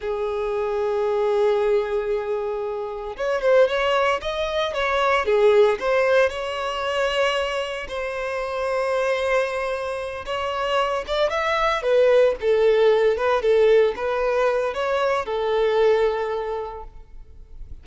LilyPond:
\new Staff \with { instrumentName = "violin" } { \time 4/4 \tempo 4 = 114 gis'1~ | gis'2 cis''8 c''8 cis''4 | dis''4 cis''4 gis'4 c''4 | cis''2. c''4~ |
c''2.~ c''8 cis''8~ | cis''4 d''8 e''4 b'4 a'8~ | a'4 b'8 a'4 b'4. | cis''4 a'2. | }